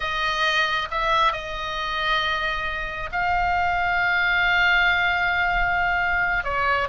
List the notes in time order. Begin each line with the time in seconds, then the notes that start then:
0.00 D#5
0.90 E5
1.32 D#5
3.12 F5
6.43 C#5